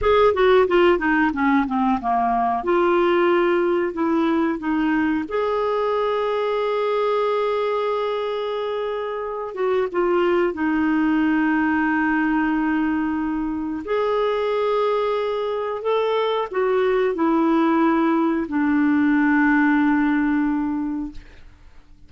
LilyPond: \new Staff \with { instrumentName = "clarinet" } { \time 4/4 \tempo 4 = 91 gis'8 fis'8 f'8 dis'8 cis'8 c'8 ais4 | f'2 e'4 dis'4 | gis'1~ | gis'2~ gis'8 fis'8 f'4 |
dis'1~ | dis'4 gis'2. | a'4 fis'4 e'2 | d'1 | }